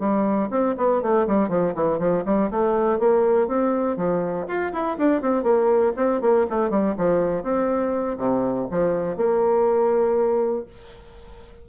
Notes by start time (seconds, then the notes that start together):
0.00 G3
0.50 C4
0.78 B3
1.02 A3
1.27 G3
1.49 F3
1.75 E3
1.99 F3
2.26 G3
2.51 A3
3.00 A#3
3.48 C4
3.97 F3
4.48 F4
4.73 E4
4.98 D4
5.22 C4
5.43 A#3
5.97 C4
6.21 A#3
6.50 A3
6.70 G3
6.98 F3
7.44 C4
8.18 C3
8.71 F3
9.17 A#3